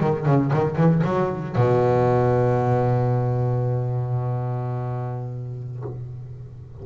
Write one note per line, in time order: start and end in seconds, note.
0.00 0.26 D#3
0.26 0.52 C#3
0.53 0.76 D#3
0.76 1.02 E3
1.04 1.56 F#3
1.56 5.82 B2